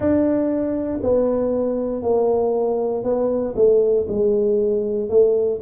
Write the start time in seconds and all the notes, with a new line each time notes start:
0.00 D4
1.02 B3
2.02 A#3
3.03 B3
3.55 A3
4.08 G#3
5.09 A3